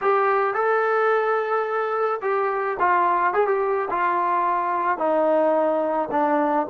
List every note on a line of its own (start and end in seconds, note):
0.01 0.54 G4
0.54 2.20 A4
2.21 2.77 G4
2.79 3.33 F4
3.33 3.47 G#4
3.47 3.88 G4
3.90 4.97 F4
4.97 6.09 D#4
6.11 6.67 D4